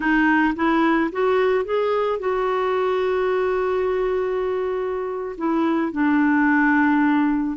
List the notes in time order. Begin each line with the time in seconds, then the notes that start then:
0.00 D#4
0.55 E4
1.12 F#4
1.64 G#4
2.19 F#4
5.37 E4
5.91 D4